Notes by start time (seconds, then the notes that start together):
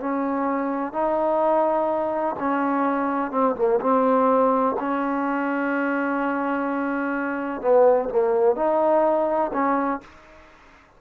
0.00 C#4
0.93 D#4
2.39 C#4
3.31 C4
3.56 A#3
3.81 C4
4.79 C#4
7.61 B3
8.10 A#3
8.56 D#4
9.53 C#4